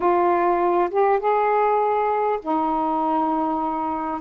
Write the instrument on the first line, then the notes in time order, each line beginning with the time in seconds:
saxophone
0.00 F4
0.90 G4
1.19 G#4
2.42 D#4